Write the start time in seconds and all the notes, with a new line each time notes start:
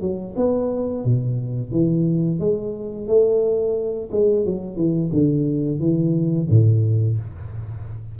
0.00 F#3
0.36 B3
1.04 B2
1.71 E3
2.39 G#3
3.07 A3
4.11 G#3
4.45 F#3
4.76 E3
5.12 D3
5.79 E3
6.49 A2